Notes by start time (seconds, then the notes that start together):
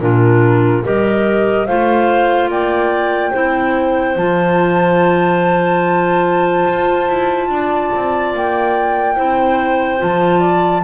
0.00 A#2 D4 F4 A#4
0.84 G3 G4 A#4 D#5
1.66 A3 F4 C5 F5
2.49 A#3 D5 G5
3.31 C4 E4 C5
4.17 F3 F4 A5
6.67 F4
7.09 E4
7.50 D4 D5
7.95 C4
8.34 A#3 G5
9.16 C4 E4 C5
9.99 F3 F4 A5
10.40 D5